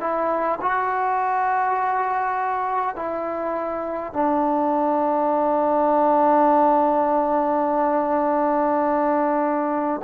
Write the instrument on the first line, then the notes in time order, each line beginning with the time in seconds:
trombone
0.00 E4
0.61 F#4
2.96 E4
4.13 D4